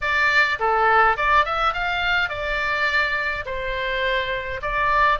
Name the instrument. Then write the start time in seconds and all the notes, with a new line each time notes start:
oboe
0.01 D5
0.59 A4
1.16 D5
1.45 E5
1.73 F5
2.29 D5
3.45 C5
4.62 D5